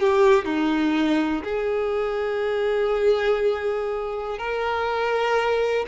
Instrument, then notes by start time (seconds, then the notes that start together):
violin
0.00 G4
0.45 D#4
1.44 G#4
4.39 A#4